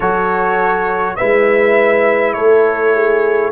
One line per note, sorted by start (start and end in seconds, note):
0.00 1.17 F#3
0.00 1.18 F#4
0.00 1.16 A4
0.00 1.15 C#5
1.15 2.35 G#3
1.15 3.51 E4
1.15 2.35 B4
1.15 2.33 E5
2.33 3.51 A3
2.33 2.94 A4
2.33 3.50 C#5
2.94 3.51 G#4